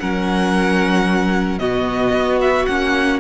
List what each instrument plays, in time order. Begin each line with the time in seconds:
0.00 cello F#3, viola C#4, violin A#4 F#5
1.59 cello B2, viola B3, violin F#4 D#5
2.13 cello B3
2.41 violin E5
2.66 cello A#3, viola C#4, violin F#5